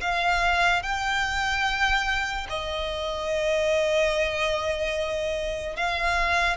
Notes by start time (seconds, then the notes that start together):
0.00 F5
0.82 G5
2.49 D#5
5.76 F5